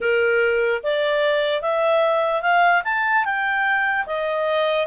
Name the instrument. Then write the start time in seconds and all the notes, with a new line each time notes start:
clarinet
0.00 A#4
0.83 D5
1.61 E5
2.41 F5
2.84 A5
3.24 G5
4.06 D#5